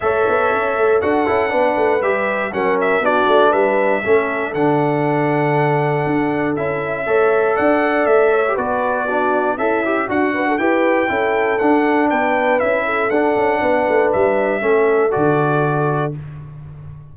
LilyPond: <<
  \new Staff \with { instrumentName = "trumpet" } { \time 4/4 \tempo 4 = 119 e''2 fis''2 | e''4 fis''8 e''8 d''4 e''4~ | e''4 fis''2.~ | fis''4 e''2 fis''4 |
e''4 d''2 e''4 | fis''4 g''2 fis''4 | g''4 e''4 fis''2 | e''2 d''2 | }
  \new Staff \with { instrumentName = "horn" } { \time 4/4 cis''2 a'4 b'4~ | b'4 ais'4 fis'4 b'4 | a'1~ | a'2 cis''4 d''4~ |
d''8 cis''8 b'4 fis'4 e'4 | fis'8 b'16 a'16 b'4 a'2 | b'4. a'4. b'4~ | b'4 a'2. | }
  \new Staff \with { instrumentName = "trombone" } { \time 4/4 a'2 fis'8 e'8 d'4 | g'4 cis'4 d'2 | cis'4 d'2.~ | d'4 e'4 a'2~ |
a'8. g'16 fis'4 d'4 a'8 g'8 | fis'4 g'4 e'4 d'4~ | d'4 e'4 d'2~ | d'4 cis'4 fis'2 | }
  \new Staff \with { instrumentName = "tuba" } { \time 4/4 a8 b8 cis'8 a8 d'8 cis'8 b8 a8 | g4 fis4 b8 a8 g4 | a4 d2. | d'4 cis'4 a4 d'4 |
a4 b2 cis'4 | d'4 e'4 cis'4 d'4 | b4 cis'4 d'8 cis'8 b8 a8 | g4 a4 d2 | }
>>